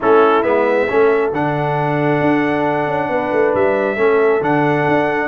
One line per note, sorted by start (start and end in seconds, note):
0.00 0.44 A3
0.00 0.43 C#4
0.00 0.88 E4
0.00 0.42 A4
0.42 0.88 G#3
0.42 0.87 B3
0.42 1.31 E5
0.87 1.32 A3
0.87 1.32 C#4
0.87 3.09 A4
1.32 2.20 D3
1.32 3.96 D4
1.32 3.54 F#5
2.20 2.87 D4
2.87 3.09 C#4
3.09 3.31 B3
3.09 3.96 B4
3.32 3.54 A3
3.54 3.96 G3
3.54 4.42 E5
3.96 4.40 A3
3.96 4.40 C#4
3.96 5.28 A4
4.41 4.85 D3
4.41 5.28 D4
4.41 5.28 F#5
4.87 5.28 D4